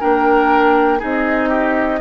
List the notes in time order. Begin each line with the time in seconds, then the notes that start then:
0.00 A#3 D4 A#4 G5
0.99 C4 D#4 G#4 D#5
1.49 G4